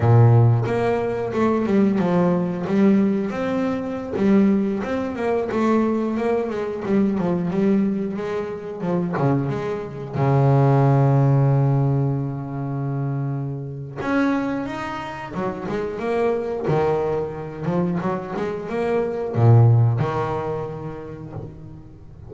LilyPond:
\new Staff \with { instrumentName = "double bass" } { \time 4/4 \tempo 4 = 90 ais,4 ais4 a8 g8 f4 | g4 c'4~ c'16 g4 c'8 ais16~ | ais16 a4 ais8 gis8 g8 f8 g8.~ | g16 gis4 f8 cis8 gis4 cis8.~ |
cis1~ | cis4 cis'4 dis'4 fis8 gis8 | ais4 dis4. f8 fis8 gis8 | ais4 ais,4 dis2 | }